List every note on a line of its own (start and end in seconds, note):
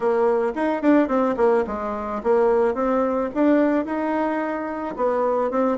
0.00 0.52 A#3
0.55 0.82 D#4
0.82 1.07 D4
1.07 1.35 C4
1.37 1.64 A#3
1.66 2.21 G#3
2.23 2.74 A#3
2.74 3.29 C4
3.34 3.85 D4
3.85 4.95 D#4
4.96 5.50 B3
5.50 5.77 C4